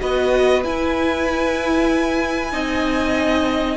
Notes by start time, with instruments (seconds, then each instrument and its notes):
0.00 cello B3, viola F#4, violin B4 D#5
0.63 viola E4, cello E4, violin G#5
2.52 cello C4, viola D#4, violin D#5